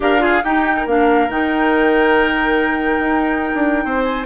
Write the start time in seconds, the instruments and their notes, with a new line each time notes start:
0.00 bassoon D4, clarinet G4, oboe A#4, flute F5
0.19 clarinet F4, oboe G#4
0.43 bassoon D#4, clarinet D#4, oboe G4, flute G5
0.76 oboe A#4
0.86 bassoon A#3, clarinet D4, flute F5
1.28 bassoon D#3, clarinet D#4, flute G5
2.99 bassoon D#4
3.54 bassoon D4
3.85 bassoon C4, oboe C5
4.03 flute G#5